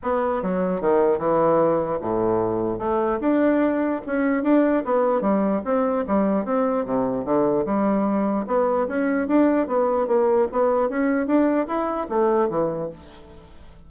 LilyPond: \new Staff \with { instrumentName = "bassoon" } { \time 4/4 \tempo 4 = 149 b4 fis4 dis4 e4~ | e4 a,2 a4 | d'2 cis'4 d'4 | b4 g4 c'4 g4 |
c'4 c4 d4 g4~ | g4 b4 cis'4 d'4 | b4 ais4 b4 cis'4 | d'4 e'4 a4 e4 | }